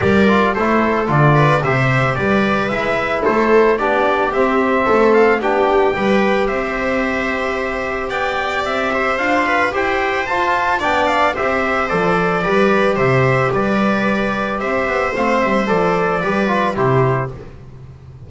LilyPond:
<<
  \new Staff \with { instrumentName = "trumpet" } { \time 4/4 \tempo 4 = 111 d''4 c''4 d''4 e''4 | d''4 e''4 c''4 d''4 | e''4. f''8 g''2 | e''2. g''4 |
e''4 f''4 g''4 a''4 | g''8 f''8 e''4 d''2 | e''4 d''2 e''4 | f''8 e''8 d''2 c''4 | }
  \new Staff \with { instrumentName = "viola" } { \time 4/4 ais'4 a'4. b'8 c''4 | b'2 a'4 g'4~ | g'4 a'4 g'4 b'4 | c''2. d''4~ |
d''8 c''4 b'8 c''2 | d''4 c''2 b'4 | c''4 b'2 c''4~ | c''2 b'4 g'4 | }
  \new Staff \with { instrumentName = "trombone" } { \time 4/4 g'8 f'8 e'4 f'4 g'4~ | g'4 e'2 d'4 | c'2 d'4 g'4~ | g'1~ |
g'4 f'4 g'4 f'4 | d'4 g'4 a'4 g'4~ | g'1 | c'4 a'4 g'8 f'8 e'4 | }
  \new Staff \with { instrumentName = "double bass" } { \time 4/4 g4 a4 d4 c4 | g4 gis4 a4 b4 | c'4 a4 b4 g4 | c'2. b4 |
c'4 d'4 e'4 f'4 | b4 c'4 f4 g4 | c4 g2 c'8 b8 | a8 g8 f4 g4 c4 | }
>>